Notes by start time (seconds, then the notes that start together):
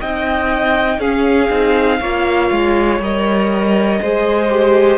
0.00 C4 D#4 D#5 G5
0.98 C#4 G#4 F5
1.49 C4 D#4
2.00 A#3 F4 C#5
2.50 G#3
2.99 G3 A#4 D#5
4.01 G#3 G#4 C5
4.49 G4